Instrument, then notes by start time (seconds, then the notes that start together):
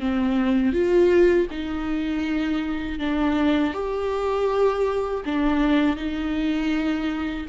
viola
0.00 C4
0.73 F4
1.50 D#4
2.99 D4
3.73 G4
5.25 D4
5.97 D#4